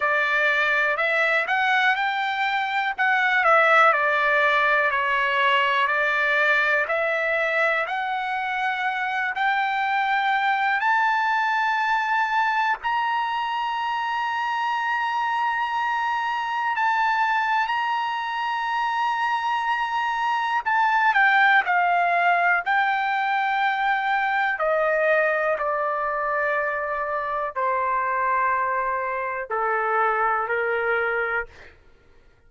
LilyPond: \new Staff \with { instrumentName = "trumpet" } { \time 4/4 \tempo 4 = 61 d''4 e''8 fis''8 g''4 fis''8 e''8 | d''4 cis''4 d''4 e''4 | fis''4. g''4. a''4~ | a''4 ais''2.~ |
ais''4 a''4 ais''2~ | ais''4 a''8 g''8 f''4 g''4~ | g''4 dis''4 d''2 | c''2 a'4 ais'4 | }